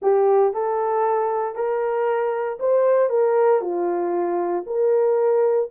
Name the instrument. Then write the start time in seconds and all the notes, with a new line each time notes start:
horn
0.01 G4
0.53 A4
1.55 A#4
2.59 C5
3.09 A#4
3.61 F4
4.66 A#4